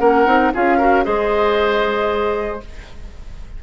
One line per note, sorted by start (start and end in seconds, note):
0.00 0.26 A#3
0.00 0.26 C#4
0.00 0.53 A#4
0.00 0.52 F#5
0.26 0.52 C4
0.26 0.52 D#4
0.54 1.07 C#4
0.54 0.80 F4
0.54 0.78 G#4
0.54 1.05 F5
0.78 1.04 F#4
0.78 1.04 A#4
1.04 2.63 G#3
1.04 2.60 G#4
1.04 2.62 C5
1.04 2.61 D#5